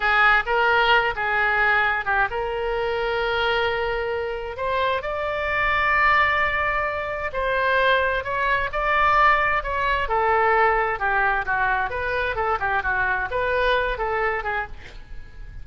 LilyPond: \new Staff \with { instrumentName = "oboe" } { \time 4/4 \tempo 4 = 131 gis'4 ais'4. gis'4.~ | gis'8 g'8 ais'2.~ | ais'2 c''4 d''4~ | d''1 |
c''2 cis''4 d''4~ | d''4 cis''4 a'2 | g'4 fis'4 b'4 a'8 g'8 | fis'4 b'4. a'4 gis'8 | }